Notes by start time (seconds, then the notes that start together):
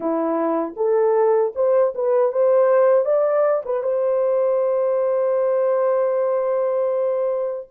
0.00 E4
0.76 A4
1.55 C5
1.94 B4
2.31 C5
3.05 D5
3.65 B4
3.82 C5